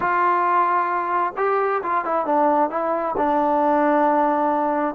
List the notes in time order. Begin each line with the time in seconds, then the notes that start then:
0.00 F4
1.37 G4
1.82 F4
2.04 E4
2.25 D4
2.70 E4
3.17 D4